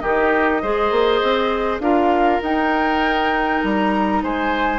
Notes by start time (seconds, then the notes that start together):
0.00 D#3 D#4 G4 D#5
0.62 G#3 G#4 C5
0.91 A#3
1.23 C4
1.80 D4 F4 A#4 F5
2.42 D#4 G5
3.62 G3 A#5
4.23 G#3 C5 G#5